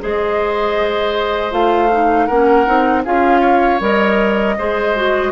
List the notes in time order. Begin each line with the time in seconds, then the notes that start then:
0.00 G#3 G#4 C5 D#5
1.51 A3 F4 F5
1.92 D#4
2.26 A#3 C#4 A#4 F#5
2.66 C4 D#4
3.05 C#4 F4 G#4 F5
3.41 C#5
3.80 G3 A#4 D#5
4.58 G#3 G#4 C5
4.96 F#4